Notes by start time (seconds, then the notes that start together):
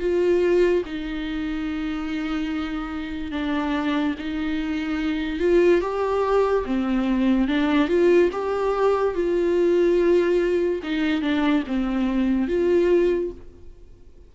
0.00 F4
0.86 D#4
3.32 D4
4.18 D#4
5.40 F4
5.81 G4
6.66 C4
7.48 D4
7.88 F4
8.32 G4
9.15 F4
10.83 D#4
11.22 D4
11.67 C4
12.48 F4